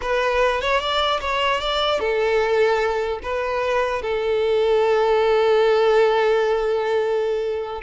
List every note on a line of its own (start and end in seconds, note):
0.01 0.61 B4
0.61 0.80 C#5
0.80 1.20 D5
1.21 1.60 C#5
1.60 1.99 D5
1.99 3.19 A4
3.22 4.02 B4
4.02 7.82 A4